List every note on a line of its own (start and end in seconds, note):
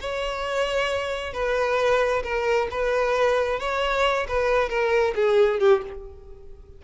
0.00 1.33 C#5
1.33 2.22 B4
2.23 2.67 A#4
2.70 3.59 B4
3.59 4.26 C#5
4.28 4.69 B4
4.69 5.14 A#4
5.15 5.59 G#4
5.59 5.81 G4